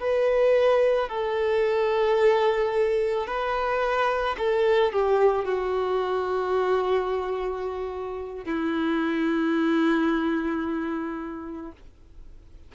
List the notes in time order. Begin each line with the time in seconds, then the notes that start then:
0.00 B4
1.09 A4
3.27 B4
4.38 A4
4.92 G4
5.45 F#4
8.44 E4